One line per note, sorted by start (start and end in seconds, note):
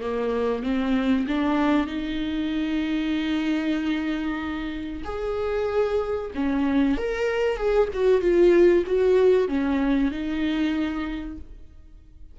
0.00 0.63 A#3
0.63 1.26 C4
1.27 1.87 D4
1.87 5.02 D#4
5.04 6.30 G#4
6.34 6.97 C#4
6.97 7.56 A#4
7.56 7.88 G#4
7.93 8.21 F#4
8.21 8.84 F4
8.86 9.48 F#4
9.48 10.11 C#4
10.11 11.37 D#4